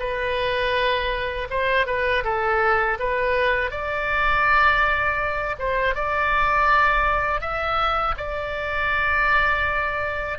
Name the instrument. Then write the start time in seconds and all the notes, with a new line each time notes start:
oboe
0.00 B4
1.51 C5
1.87 B4
2.24 A4
3.00 B4
3.71 D5
5.59 C5
5.95 D5
7.41 E5
8.18 D5